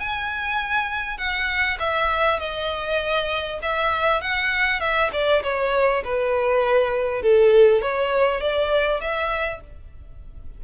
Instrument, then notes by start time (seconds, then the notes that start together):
violin
0.00 G#5
1.18 F#5
1.79 E5
2.40 D#5
3.62 E5
4.22 F#5
4.80 E5
5.13 D5
5.43 C#5
6.04 B4
7.22 A4
7.82 C#5
8.41 D5
9.01 E5